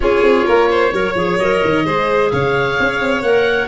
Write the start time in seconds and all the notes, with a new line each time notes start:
0.00 C#4 F4 G#4 C#5
0.22 C4
0.45 A#3 A#4
0.70 C5
0.92 F#3 A#4 C#5
1.15 F3 G#4
1.38 F#3 A#4 D#5
1.63 D#3
1.84 G#3 G#4 C5
2.30 C#3 C#5 F5
2.79 C#4
3.00 C4
3.22 A#3 A#4 F#5